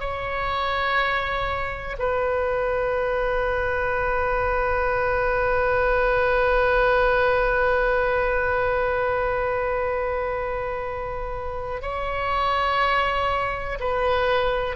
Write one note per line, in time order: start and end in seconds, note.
0.00 1.97 C#5
1.99 11.82 B4
11.82 13.79 C#5
13.80 14.76 B4